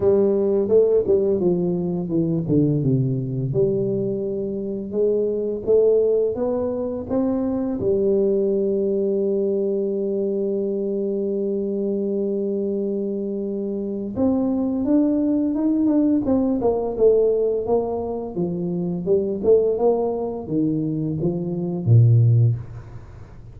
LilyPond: \new Staff \with { instrumentName = "tuba" } { \time 4/4 \tempo 4 = 85 g4 a8 g8 f4 e8 d8 | c4 g2 gis4 | a4 b4 c'4 g4~ | g1~ |
g1 | c'4 d'4 dis'8 d'8 c'8 ais8 | a4 ais4 f4 g8 a8 | ais4 dis4 f4 ais,4 | }